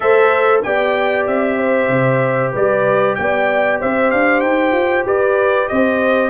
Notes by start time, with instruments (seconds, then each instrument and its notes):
0.00 tuba A3, trombone A4, horn C5, trumpet E5
0.62 tuba B3, trombone G4, horn D5, trumpet G5
1.26 tuba C4, trumpet E5
1.57 horn C5
1.88 tuba C3
2.51 tuba G3, horn B4, trumpet D5
3.15 tuba B3, horn D5, trumpet G5
3.80 tuba C4, horn C5, trumpet E5
4.10 tuba D4, trumpet F5
4.40 tuba D#4, trumpet G5
4.72 tuba F4
5.04 tuba G4, horn B4, trumpet D5
5.67 tuba C4, horn C5, trumpet D#5